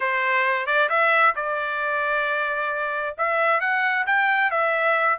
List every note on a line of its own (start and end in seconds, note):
0.00 0.66 C5
0.66 0.88 D5
0.89 1.34 E5
1.35 3.16 D5
3.17 3.60 E5
3.60 4.05 F#5
4.06 4.51 G5
4.51 5.18 E5